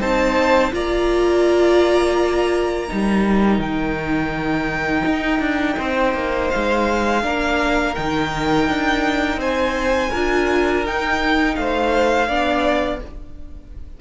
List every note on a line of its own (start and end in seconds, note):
0.00 0.72 C4
0.00 0.72 D#4
0.00 0.72 C5
0.00 0.73 A5
0.72 2.90 A#3
0.72 2.88 F4
0.72 2.90 D5
0.72 3.61 A#5
2.88 3.59 G3
2.88 7.21 D#4
2.88 5.78 A#4
3.59 5.03 D#3
3.59 6.50 G5
5.05 5.40 D#4
5.40 5.76 D4
5.78 6.14 C4
5.78 7.23 C5
6.14 6.50 A#3
6.50 7.24 G#3
6.50 7.95 F5
7.22 7.97 A#3
7.22 7.95 D4
7.22 9.39 A#4
7.95 8.69 D#3
7.95 10.13 D#4
7.95 9.40 G5
8.69 9.37 D4
9.37 10.09 C4
9.37 10.10 C5
9.37 10.86 G#5
10.10 10.86 D4
10.10 10.85 F4
10.10 11.55 A#4
10.85 12.28 D#4
10.85 11.57 D#4
10.85 11.56 G5
11.56 12.29 A3
11.56 12.28 C5
11.56 13.00 F5
12.28 13.01 B3
12.28 13.01 D4
12.28 13.00 D5